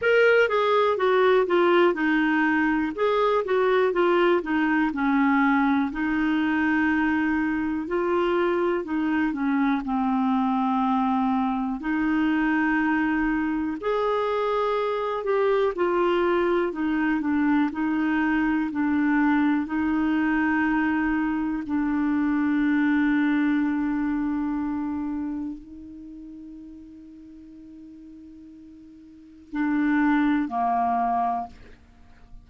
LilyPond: \new Staff \with { instrumentName = "clarinet" } { \time 4/4 \tempo 4 = 61 ais'8 gis'8 fis'8 f'8 dis'4 gis'8 fis'8 | f'8 dis'8 cis'4 dis'2 | f'4 dis'8 cis'8 c'2 | dis'2 gis'4. g'8 |
f'4 dis'8 d'8 dis'4 d'4 | dis'2 d'2~ | d'2 dis'2~ | dis'2 d'4 ais4 | }